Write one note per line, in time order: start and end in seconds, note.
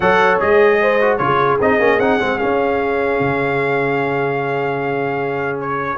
0.00 0.39 F#3
0.00 0.39 A4
0.00 0.80 C#5
0.00 0.39 F#5
0.39 1.19 G#3
0.39 0.99 G#4
0.39 1.17 D#5
0.81 1.21 C5
1.01 1.19 F#4
1.17 1.59 C#3
1.17 1.59 F4
1.17 1.57 C#5
1.24 5.98 G#4
1.60 1.79 C4
1.60 1.80 D#4
1.60 1.99 D#5
1.79 1.98 A#3
1.79 2.00 C#4
1.98 2.18 C4
1.98 2.19 D#4
1.98 2.38 F#5
2.19 2.41 G#3
2.19 2.39 C4
2.38 5.98 C#4
2.38 3.20 C#4
2.38 5.58 F5
3.20 5.98 C#3
5.60 5.98 C#5